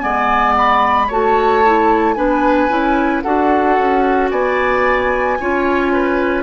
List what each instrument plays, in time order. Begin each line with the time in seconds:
0.00 bassoon G#3, clarinet B3, oboe D5, flute G#5
0.57 flute B5
1.08 bassoon A3, clarinet F#4, oboe C#5, flute A5
1.66 clarinet E4
2.14 bassoon B3, clarinet D4, oboe B4, flute G#5
2.70 bassoon C#4, clarinet E4
3.23 bassoon D4, clarinet F#4, oboe A4, flute F#5
3.79 bassoon C#4
4.31 bassoon B3, oboe D5, flute G#5
5.40 bassoon C#4, clarinet F4, oboe C#5
5.94 oboe B4